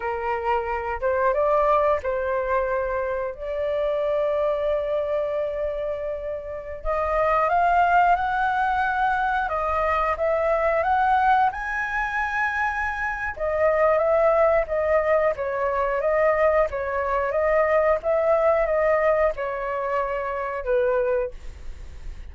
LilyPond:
\new Staff \with { instrumentName = "flute" } { \time 4/4 \tempo 4 = 90 ais'4. c''8 d''4 c''4~ | c''4 d''2.~ | d''2~ d''16 dis''4 f''8.~ | f''16 fis''2 dis''4 e''8.~ |
e''16 fis''4 gis''2~ gis''8. | dis''4 e''4 dis''4 cis''4 | dis''4 cis''4 dis''4 e''4 | dis''4 cis''2 b'4 | }